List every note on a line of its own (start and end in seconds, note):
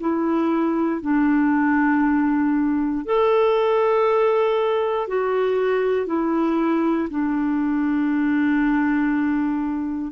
0.00 1.02 E4
1.02 3.05 D4
3.05 5.08 A4
5.08 6.06 F#4
6.06 7.08 E4
7.10 10.12 D4